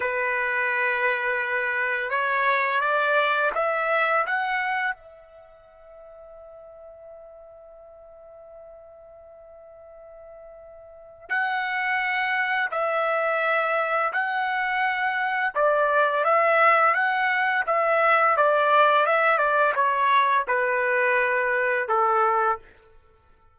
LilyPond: \new Staff \with { instrumentName = "trumpet" } { \time 4/4 \tempo 4 = 85 b'2. cis''4 | d''4 e''4 fis''4 e''4~ | e''1~ | e''1 |
fis''2 e''2 | fis''2 d''4 e''4 | fis''4 e''4 d''4 e''8 d''8 | cis''4 b'2 a'4 | }